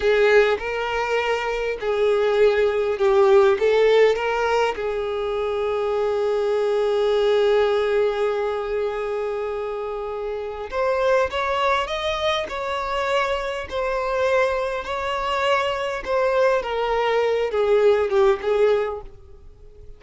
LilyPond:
\new Staff \with { instrumentName = "violin" } { \time 4/4 \tempo 4 = 101 gis'4 ais'2 gis'4~ | gis'4 g'4 a'4 ais'4 | gis'1~ | gis'1~ |
gis'2 c''4 cis''4 | dis''4 cis''2 c''4~ | c''4 cis''2 c''4 | ais'4. gis'4 g'8 gis'4 | }